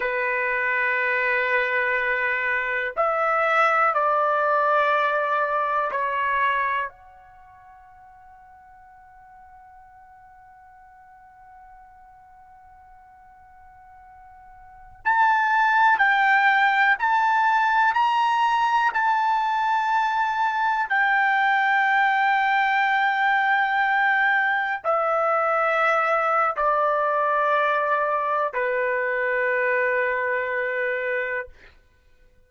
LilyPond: \new Staff \with { instrumentName = "trumpet" } { \time 4/4 \tempo 4 = 61 b'2. e''4 | d''2 cis''4 fis''4~ | fis''1~ | fis''2.~ fis''16 a''8.~ |
a''16 g''4 a''4 ais''4 a''8.~ | a''4~ a''16 g''2~ g''8.~ | g''4~ g''16 e''4.~ e''16 d''4~ | d''4 b'2. | }